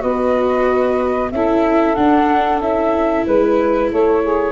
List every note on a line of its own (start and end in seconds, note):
0.00 1.32 B3
0.00 1.29 F#4
0.00 1.31 B4
0.00 1.31 D#5
1.32 1.97 C#4
1.32 1.97 E4
1.32 3.26 A4
1.32 1.95 E5
1.95 2.61 D4
1.95 2.60 D4
1.95 2.60 F#5
2.60 3.24 C#4
2.60 4.52 E4
2.60 3.26 E5
3.26 3.92 G#3
3.26 3.91 B4
3.91 4.52 A3
3.91 4.22 A4
3.91 4.52 C#5
4.22 4.52 G#4